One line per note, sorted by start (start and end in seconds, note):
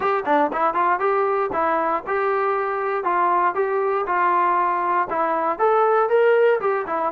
0.00 0.23 G4
0.25 0.51 D4
0.52 0.74 E4
0.74 0.99 F4
0.99 1.50 G4
1.53 2.03 E4
2.06 3.04 G4
3.04 3.55 F4
3.55 4.05 G4
4.06 5.08 F4
5.10 5.58 E4
5.58 6.09 A4
6.09 6.60 A#4
6.60 6.86 G4
6.86 7.12 E4